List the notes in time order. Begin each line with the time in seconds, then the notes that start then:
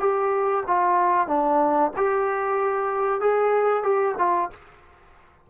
0.00 G4
0.67 F4
1.27 D4
1.97 G4
3.20 G#4
3.83 G4
4.18 F4